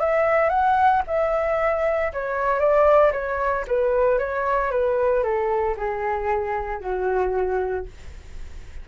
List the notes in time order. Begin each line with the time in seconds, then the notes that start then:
0.00 E5
0.50 F#5
1.07 E5
2.13 C#5
2.59 D5
3.13 C#5
3.67 B4
4.19 C#5
4.71 B4
5.23 A4
5.77 G#4
6.81 F#4